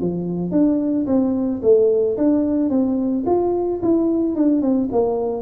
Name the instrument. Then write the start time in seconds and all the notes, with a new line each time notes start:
tuba
0.00 F3
0.51 D4
1.06 C4
1.62 A3
2.17 D4
2.69 C4
3.26 F4
3.82 E4
4.35 D4
4.61 C4
4.91 A#3